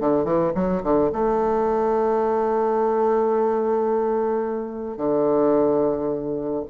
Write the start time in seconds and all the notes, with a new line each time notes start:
0.00 D3
0.24 E3
0.55 F#3
0.83 D3
1.12 A3
4.97 D3